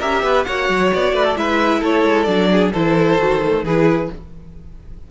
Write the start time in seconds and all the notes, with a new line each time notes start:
0.00 C#4 G4 A#4 E5
0.23 B3 B4
0.44 A#3 F#4 C#5 F#5
0.69 F#3
0.94 B3 D5
1.13 A3 B4
1.25 A4
1.36 G#3 E4 B4 E5
1.80 A3 A4 C#5
2.04 G#3
2.24 F#3 D4 D5
2.52 G#4
2.73 E3 E4 A4 C5
3.18 D#3 F#4
3.44 A3
3.64 E3 E4 G#4 B4